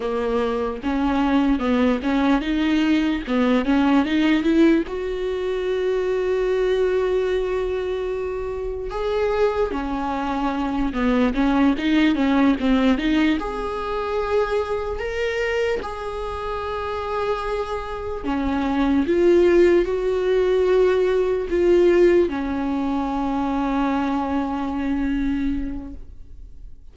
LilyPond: \new Staff \with { instrumentName = "viola" } { \time 4/4 \tempo 4 = 74 ais4 cis'4 b8 cis'8 dis'4 | b8 cis'8 dis'8 e'8 fis'2~ | fis'2. gis'4 | cis'4. b8 cis'8 dis'8 cis'8 c'8 |
dis'8 gis'2 ais'4 gis'8~ | gis'2~ gis'8 cis'4 f'8~ | f'8 fis'2 f'4 cis'8~ | cis'1 | }